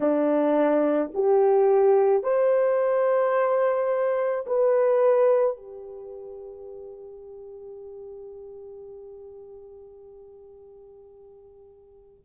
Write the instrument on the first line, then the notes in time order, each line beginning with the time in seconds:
horn
0.00 D4
1.14 G4
2.23 C5
4.46 B4
5.56 G4